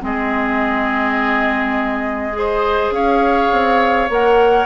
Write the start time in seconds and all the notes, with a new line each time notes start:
0.00 G#3 C4 G#4 D#5
2.32 G#4 C5
2.91 C#4 C#5 F5
3.52 C4
4.09 A#3 A#4 F#5